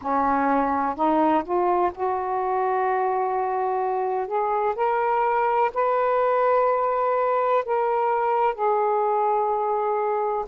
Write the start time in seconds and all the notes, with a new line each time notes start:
0.01 C#4
0.95 D#4
1.43 F4
1.94 F#4
4.27 G#4
4.75 A#4
5.74 B4
7.65 A#4
8.54 G#4